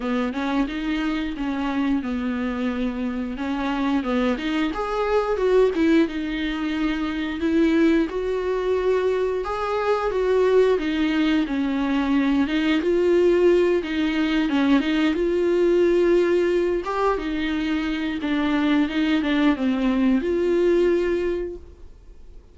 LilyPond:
\new Staff \with { instrumentName = "viola" } { \time 4/4 \tempo 4 = 89 b8 cis'8 dis'4 cis'4 b4~ | b4 cis'4 b8 dis'8 gis'4 | fis'8 e'8 dis'2 e'4 | fis'2 gis'4 fis'4 |
dis'4 cis'4. dis'8 f'4~ | f'8 dis'4 cis'8 dis'8 f'4.~ | f'4 g'8 dis'4. d'4 | dis'8 d'8 c'4 f'2 | }